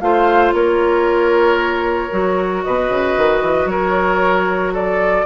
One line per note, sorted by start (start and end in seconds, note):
0.00 0.53 A3
0.00 2.10 F4
0.00 0.54 C5
0.00 0.53 F5
0.53 2.11 A#3
0.53 2.65 A#4
0.53 2.63 C#5
2.10 2.65 F#3
2.10 5.26 F#4
2.63 2.89 B2
2.63 3.70 B4
2.63 3.67 D#5
2.89 3.16 C#3
3.17 3.42 D#3
3.42 3.65 E3
3.65 5.23 F#3
3.65 4.73 A#4
3.65 4.73 C#5
4.73 5.26 A4
4.73 5.26 D5